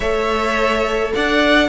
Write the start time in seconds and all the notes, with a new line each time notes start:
0.00 A3 A4 C#5 E5
1.14 D4 D5 F#5